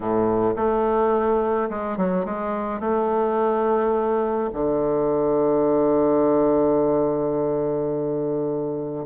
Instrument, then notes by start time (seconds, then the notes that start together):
bassoon
0.00 A2
0.56 A3
1.69 G#3
1.97 F#3
2.25 G#3
2.80 A3
4.53 D3